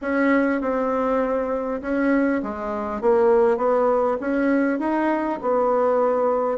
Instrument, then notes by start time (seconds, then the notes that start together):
bassoon
0.01 C#4
0.61 C4
1.81 C#4
2.42 G#3
3.01 A#3
3.57 B3
4.20 C#4
4.79 D#4
5.41 B3